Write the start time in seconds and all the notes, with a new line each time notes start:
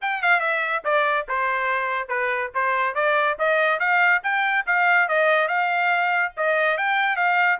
0.01 G5
0.22 F5
0.40 E5
0.84 D5
1.28 C5
2.08 B4
2.54 C5
2.94 D5
3.39 D#5
3.79 F5
4.23 G5
4.66 F5
5.08 D#5
5.48 F5
6.36 D#5
6.77 G5
7.16 F5